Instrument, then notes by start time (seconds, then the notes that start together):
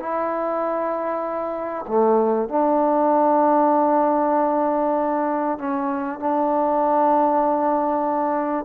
trombone
0.00 E4
1.88 A3
2.49 D4
5.59 C#4
6.20 D4